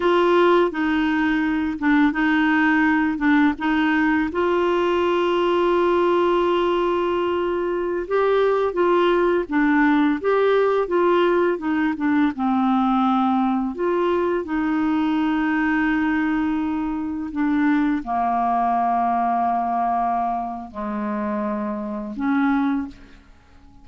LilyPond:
\new Staff \with { instrumentName = "clarinet" } { \time 4/4 \tempo 4 = 84 f'4 dis'4. d'8 dis'4~ | dis'8 d'8 dis'4 f'2~ | f'2.~ f'16 g'8.~ | g'16 f'4 d'4 g'4 f'8.~ |
f'16 dis'8 d'8 c'2 f'8.~ | f'16 dis'2.~ dis'8.~ | dis'16 d'4 ais2~ ais8.~ | ais4 gis2 cis'4 | }